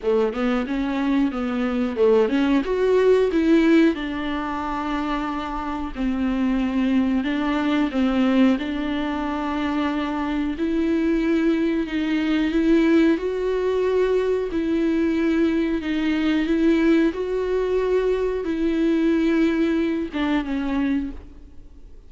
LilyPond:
\new Staff \with { instrumentName = "viola" } { \time 4/4 \tempo 4 = 91 a8 b8 cis'4 b4 a8 cis'8 | fis'4 e'4 d'2~ | d'4 c'2 d'4 | c'4 d'2. |
e'2 dis'4 e'4 | fis'2 e'2 | dis'4 e'4 fis'2 | e'2~ e'8 d'8 cis'4 | }